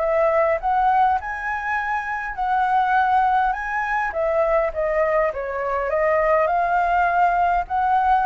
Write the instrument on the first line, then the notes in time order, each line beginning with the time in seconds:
flute
0.00 E5
0.61 F#5
1.21 G#5
2.35 F#5
3.53 G#5
4.13 E5
4.74 D#5
5.33 C#5
5.90 D#5
6.47 F5
7.68 F#5